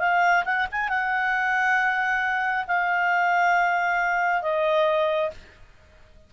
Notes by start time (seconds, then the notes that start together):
0.00 F5
0.45 F#5
0.72 G#5
0.89 F#5
2.68 F5
4.42 D#5